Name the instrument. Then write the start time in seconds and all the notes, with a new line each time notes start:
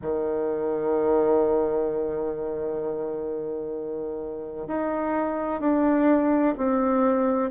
bassoon
0.02 D#3
4.67 D#4
5.60 D4
6.57 C4